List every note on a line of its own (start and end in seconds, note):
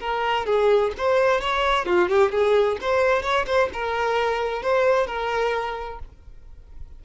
0.00 0.46 A#4
0.46 0.92 G#4
0.98 1.41 C5
1.41 1.86 C#5
1.86 2.09 F4
2.09 2.32 G4
2.32 2.78 G#4
2.81 3.22 C5
3.22 3.45 C#5
3.46 3.69 C5
3.73 4.63 A#4
4.63 5.07 C5
5.07 5.99 A#4